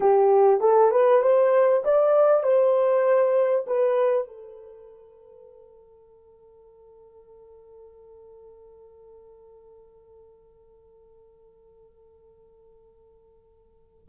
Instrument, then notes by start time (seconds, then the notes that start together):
horn
0.00 G4
0.60 A4
0.91 B4
1.22 C5
1.84 D5
2.43 C5
3.67 B4
4.27 A4